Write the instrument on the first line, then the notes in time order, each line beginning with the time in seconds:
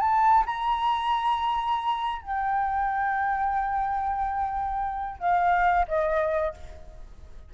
flute
0.00 A5
0.46 A#5
2.22 G5
5.19 F5
5.88 D#5